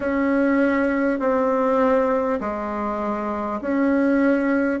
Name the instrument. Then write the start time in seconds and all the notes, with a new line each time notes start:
bassoon
0.00 C#4
1.19 C4
2.40 G#3
3.61 C#4